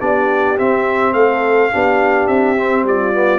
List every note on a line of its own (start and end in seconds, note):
0.00 0.59 B3
0.00 0.57 D4
0.00 1.15 G4
0.00 0.58 D5
0.58 1.72 C4
0.58 1.14 C4
0.58 1.14 E5
1.14 1.71 A3
1.14 1.72 A4
1.14 2.28 F5
1.72 2.28 B3
1.72 2.57 D4
1.72 2.86 G4
2.28 2.84 C4
2.28 2.85 E5
2.57 3.14 C4
2.84 3.39 G3
2.84 3.39 F4
2.84 3.39 D5
3.14 3.39 B3